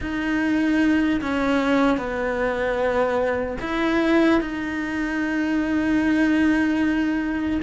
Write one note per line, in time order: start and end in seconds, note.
0.00 1.20 D#4
1.21 1.97 C#4
1.97 3.57 B3
3.61 4.41 E4
4.41 7.61 D#4